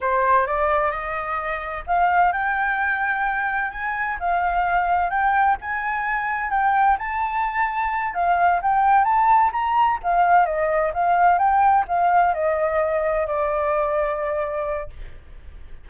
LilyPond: \new Staff \with { instrumentName = "flute" } { \time 4/4 \tempo 4 = 129 c''4 d''4 dis''2 | f''4 g''2. | gis''4 f''2 g''4 | gis''2 g''4 a''4~ |
a''4. f''4 g''4 a''8~ | a''8 ais''4 f''4 dis''4 f''8~ | f''8 g''4 f''4 dis''4.~ | dis''8 d''2.~ d''8 | }